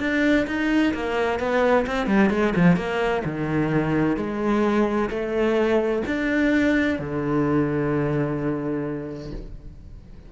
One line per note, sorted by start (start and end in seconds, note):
0.00 0.47 D4
0.47 0.94 D#4
0.94 1.40 A#3
1.40 1.86 B3
1.87 2.07 C4
2.07 2.30 G3
2.30 2.54 G#3
2.56 2.77 F3
2.77 3.23 A#3
3.25 4.17 D#3
4.17 5.10 G#3
5.10 6.03 A3
6.07 7.00 D4
7.00 9.32 D3